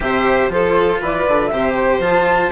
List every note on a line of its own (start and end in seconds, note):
0.00 0.48 C3
0.00 0.49 G4
0.00 0.52 C5
0.00 0.51 E5
0.48 0.99 F3
0.48 1.50 F4
0.48 1.00 A4
0.48 1.02 C5
1.00 1.26 E3
1.00 1.50 B4
1.00 1.47 D5
1.28 1.51 D3
1.47 1.99 C3
1.47 2.01 G4
1.47 1.72 E5
1.53 2.51 C5
1.75 2.00 C5
1.99 2.49 F3
1.99 2.51 F4
1.99 2.51 A5